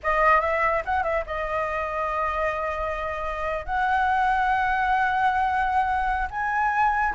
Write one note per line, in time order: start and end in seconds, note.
0.03 0.40 D#5
0.40 0.82 E5
0.85 1.03 F#5
1.03 1.24 E5
1.26 3.65 D#5
3.65 6.27 F#5
6.30 7.14 G#5